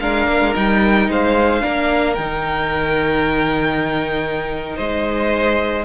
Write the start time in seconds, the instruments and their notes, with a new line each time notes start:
0.00 cello G#3, viola D4, violin A#4 F5
0.28 cello A#3
0.41 cello G#3
0.55 cello G3, viola D#4, violin G5
1.09 cello G#3, violin C5 F5
1.61 cello A#3, viola D4, violin A#4
2.15 cello D#3, viola D#4, violin G5
4.76 cello G#3, violin C5 D#5